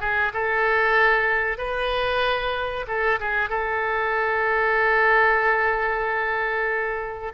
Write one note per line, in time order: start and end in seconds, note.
0.00 0.32 G#4
0.33 1.58 A4
1.58 2.85 B4
2.87 3.19 A4
3.19 3.49 G#4
3.49 7.32 A4